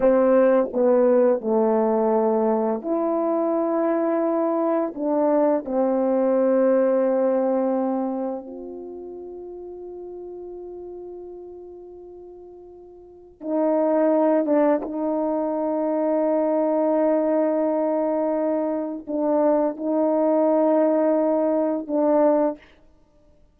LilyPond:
\new Staff \with { instrumentName = "horn" } { \time 4/4 \tempo 4 = 85 c'4 b4 a2 | e'2. d'4 | c'1 | f'1~ |
f'2. dis'4~ | dis'8 d'8 dis'2.~ | dis'2. d'4 | dis'2. d'4 | }